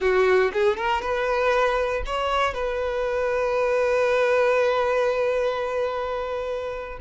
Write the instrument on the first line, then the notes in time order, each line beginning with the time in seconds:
violin
0.00 F#4
0.53 G#4
0.76 A#4
1.01 B4
2.06 C#5
2.54 B4